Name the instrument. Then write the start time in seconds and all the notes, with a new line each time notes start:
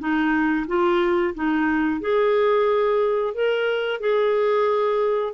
clarinet
0.00 D#4
0.68 F4
1.35 D#4
2.01 G#4
3.35 A#4
4.01 G#4